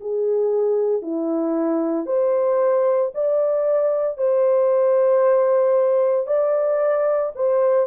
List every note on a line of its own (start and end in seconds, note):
0.00 1.02 G#4
1.02 2.06 E4
2.06 3.11 C5
3.14 4.18 D5
4.18 6.27 C5
6.27 7.32 D5
7.35 7.87 C5